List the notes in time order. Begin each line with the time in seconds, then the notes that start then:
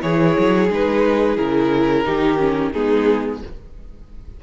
0.00 E3 E4 G#4 C#5
0.39 F#3
0.70 G#3 D#4 B4
1.37 C#3 E4 A#4
2.05 D#3 D#4 G4
2.38 C#4
2.73 G#3 B3 D#4 G#4